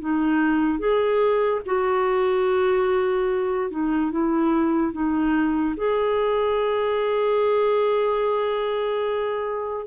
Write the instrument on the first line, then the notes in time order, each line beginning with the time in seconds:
clarinet
0.00 D#4
0.78 G#4
1.65 F#4
3.70 D#4
4.11 E4
4.92 D#4
5.76 G#4